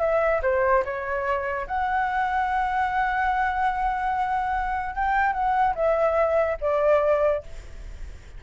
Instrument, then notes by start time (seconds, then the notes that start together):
flute
0.00 E5
0.43 C5
0.85 C#5
1.67 F#5
4.95 G5
5.33 F#5
5.75 E5
6.61 D5